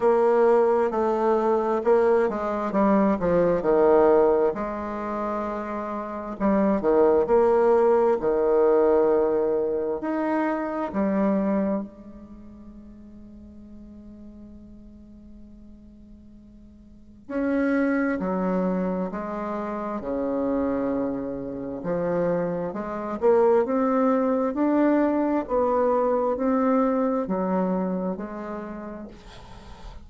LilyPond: \new Staff \with { instrumentName = "bassoon" } { \time 4/4 \tempo 4 = 66 ais4 a4 ais8 gis8 g8 f8 | dis4 gis2 g8 dis8 | ais4 dis2 dis'4 | g4 gis2.~ |
gis2. cis'4 | fis4 gis4 cis2 | f4 gis8 ais8 c'4 d'4 | b4 c'4 fis4 gis4 | }